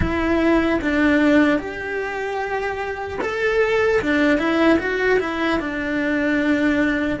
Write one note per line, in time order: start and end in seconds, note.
0.00 0.79 E4
0.81 1.59 D4
1.59 3.19 G4
3.21 4.01 A4
4.01 4.38 D4
4.38 4.78 E4
4.79 5.19 F#4
5.19 5.59 E4
5.59 7.19 D4